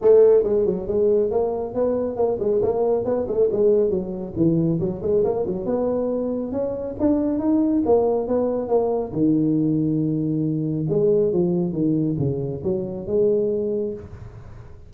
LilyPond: \new Staff \with { instrumentName = "tuba" } { \time 4/4 \tempo 4 = 138 a4 gis8 fis8 gis4 ais4 | b4 ais8 gis8 ais4 b8 a8 | gis4 fis4 e4 fis8 gis8 | ais8 fis8 b2 cis'4 |
d'4 dis'4 ais4 b4 | ais4 dis2.~ | dis4 gis4 f4 dis4 | cis4 fis4 gis2 | }